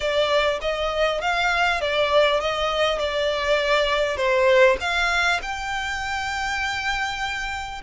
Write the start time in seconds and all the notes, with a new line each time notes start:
0.00 D5
0.61 D#5
1.21 F5
1.80 D5
2.40 D#5
2.98 D5
4.16 C5
4.80 F5
5.41 G5